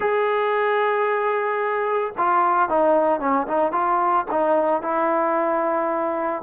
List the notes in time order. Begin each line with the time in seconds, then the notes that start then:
0.00 G#4
2.17 F4
2.69 D#4
3.19 C#4
3.47 D#4
3.72 F4
4.31 D#4
4.81 E4